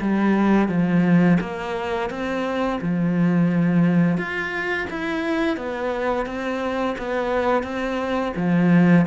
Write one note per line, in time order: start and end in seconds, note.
0.00 0.68 G3
0.68 1.38 F3
1.40 2.10 A#3
2.10 2.79 C4
2.81 4.17 F3
4.17 4.87 F4
4.90 5.57 E4
5.57 6.26 B3
6.26 6.95 C4
6.97 7.63 B3
7.63 8.32 C4
8.36 9.06 F3